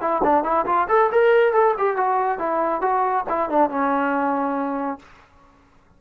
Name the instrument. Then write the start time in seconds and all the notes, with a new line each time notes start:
trombone
0.00 E4
0.23 D4
0.43 E4
0.66 F4
0.88 A4
1.11 A#4
1.53 A4
1.77 G4
1.96 F#4
2.38 E4
2.81 F#4
3.29 E4
3.49 D4
3.69 C#4